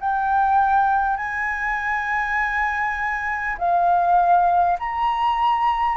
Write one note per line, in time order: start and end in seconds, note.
0.00 1.17 G5
1.17 3.57 G#5
3.58 4.78 F5
4.79 5.97 A#5